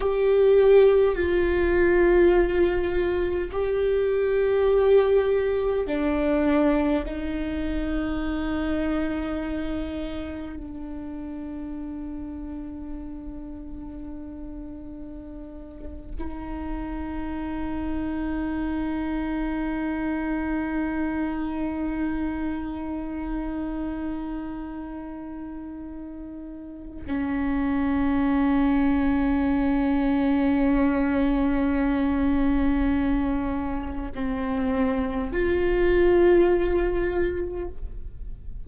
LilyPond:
\new Staff \with { instrumentName = "viola" } { \time 4/4 \tempo 4 = 51 g'4 f'2 g'4~ | g'4 d'4 dis'2~ | dis'4 d'2.~ | d'4.~ d'16 dis'2~ dis'16~ |
dis'1~ | dis'2. cis'4~ | cis'1~ | cis'4 c'4 f'2 | }